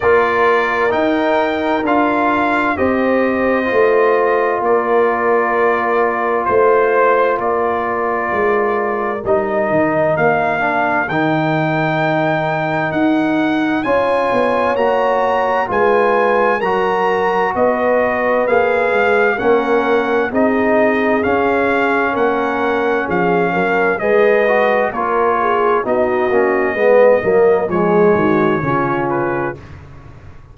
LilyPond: <<
  \new Staff \with { instrumentName = "trumpet" } { \time 4/4 \tempo 4 = 65 d''4 g''4 f''4 dis''4~ | dis''4 d''2 c''4 | d''2 dis''4 f''4 | g''2 fis''4 gis''4 |
ais''4 gis''4 ais''4 dis''4 | f''4 fis''4 dis''4 f''4 | fis''4 f''4 dis''4 cis''4 | dis''2 cis''4. b'8 | }
  \new Staff \with { instrumentName = "horn" } { \time 4/4 ais'2. c''4~ | c''4 ais'2 c''4 | ais'1~ | ais'2. cis''4~ |
cis''4 b'4 ais'4 b'4~ | b'4 ais'4 gis'2 | ais'4 gis'8 ais'8 b'4 ais'8 gis'8 | fis'4 b'8 ais'8 gis'8 fis'8 f'4 | }
  \new Staff \with { instrumentName = "trombone" } { \time 4/4 f'4 dis'4 f'4 g'4 | f'1~ | f'2 dis'4. d'8 | dis'2. f'4 |
fis'4 f'4 fis'2 | gis'4 cis'4 dis'4 cis'4~ | cis'2 gis'8 fis'8 f'4 | dis'8 cis'8 b8 ais8 gis4 cis'4 | }
  \new Staff \with { instrumentName = "tuba" } { \time 4/4 ais4 dis'4 d'4 c'4 | a4 ais2 a4 | ais4 gis4 g8 dis8 ais4 | dis2 dis'4 cis'8 b8 |
ais4 gis4 fis4 b4 | ais8 gis8 ais4 c'4 cis'4 | ais4 f8 fis8 gis4 ais4 | b8 ais8 gis8 fis8 f8 dis8 cis4 | }
>>